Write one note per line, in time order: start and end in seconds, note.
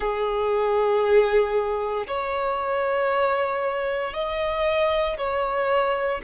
0.00 2.06 G#4
2.07 4.13 C#5
4.13 5.17 D#5
5.17 6.21 C#5